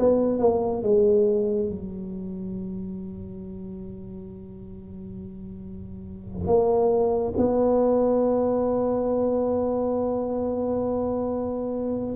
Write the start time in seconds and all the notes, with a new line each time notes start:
0.00 B3
0.40 A#3
0.83 G#3
1.70 F#3
6.47 A#3
7.38 B3